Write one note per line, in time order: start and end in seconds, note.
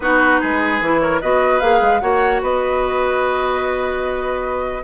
0.00 0.40 B3
0.00 0.82 D#4
0.00 0.40 F#4
0.00 1.00 B4
0.40 0.80 G#3
0.40 1.01 G#4
0.80 1.21 E3
0.80 1.21 E4
1.00 1.21 A#4
1.00 1.20 C#5
1.21 1.61 B3
1.21 1.60 F#4
1.21 2.01 B4
1.21 1.60 D#5
1.60 1.81 A#3
1.60 2.01 G#4
1.60 1.99 F5
1.81 2.01 G#3
1.99 2.42 A#3
1.99 4.82 F#4
1.99 2.42 C#5
1.99 2.39 F#5
2.42 4.83 B3
2.42 4.83 B4
2.42 4.83 D#5